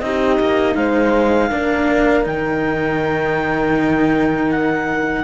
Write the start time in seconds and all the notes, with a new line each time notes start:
0.00 C4 D#4 G4 D#5
0.40 A#3
0.75 G#3 C5 F5
1.49 A#3 D4 A#4
2.24 D#3 D#4 G5
4.51 F#5